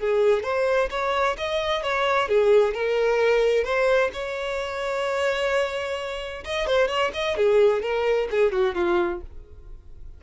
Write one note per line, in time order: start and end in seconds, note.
0.00 0.43 G#4
0.43 0.90 C5
0.91 1.37 C#5
1.38 1.83 D#5
1.83 2.29 C#5
2.29 2.74 G#4
2.74 3.64 A#4
3.64 4.11 C5
4.13 6.44 C#5
6.44 6.67 D#5
6.67 6.88 C5
6.88 7.11 C#5
7.14 7.37 D#5
7.37 7.83 G#4
7.83 8.29 A#4
8.31 8.52 G#4
8.52 8.75 F#4
8.75 9.21 F4